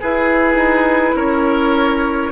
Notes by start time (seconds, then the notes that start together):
0.00 E4 G#4 B4
0.54 D#4
1.16 C#4 A#4 C#5